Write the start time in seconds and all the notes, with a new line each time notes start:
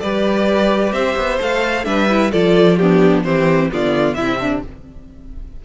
0.00 G3 G4 B4 D5
0.92 C4 C5 E5
1.16 B3
1.39 A3 A4 F5
1.84 G3 D4 B4 E5
2.09 E4
2.31 F3 F4 A4 D5
2.77 B3 D4 G4
3.23 E3 C4 G4 C5
3.71 D3 B3 F4 D5
4.14 C3 C4 E4 E5
4.39 D4